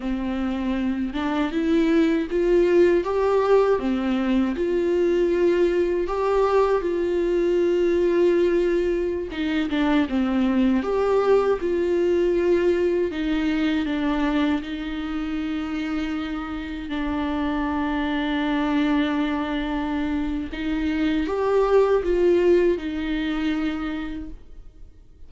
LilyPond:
\new Staff \with { instrumentName = "viola" } { \time 4/4 \tempo 4 = 79 c'4. d'8 e'4 f'4 | g'4 c'4 f'2 | g'4 f'2.~ | f'16 dis'8 d'8 c'4 g'4 f'8.~ |
f'4~ f'16 dis'4 d'4 dis'8.~ | dis'2~ dis'16 d'4.~ d'16~ | d'2. dis'4 | g'4 f'4 dis'2 | }